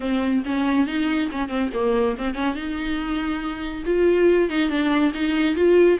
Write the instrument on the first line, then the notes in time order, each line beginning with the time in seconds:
viola
0.00 C4
0.45 C#4
0.86 D#4
1.31 C#4
1.48 C4
1.73 A#3
2.17 C4
2.34 C#4
2.55 D#4
3.85 F4
4.49 D#4
4.69 D4
5.14 D#4
5.55 F4